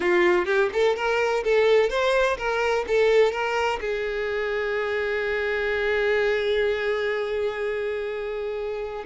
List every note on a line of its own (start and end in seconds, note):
0.00 0.45 F4
0.45 0.69 G4
0.73 0.96 A4
0.96 1.43 A#4
1.44 1.89 A4
1.89 2.37 C5
2.37 2.85 A#4
2.87 3.32 A4
3.32 3.79 A#4
3.80 9.04 G#4